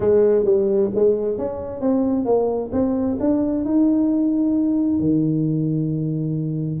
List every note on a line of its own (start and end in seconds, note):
0.00 0.44 G#3
0.44 0.90 G3
0.94 1.37 G#3
1.37 1.80 C#4
1.80 2.25 C4
2.25 2.70 A#3
2.72 3.17 C4
3.20 3.64 D4
3.64 4.99 D#4
4.99 6.80 D#3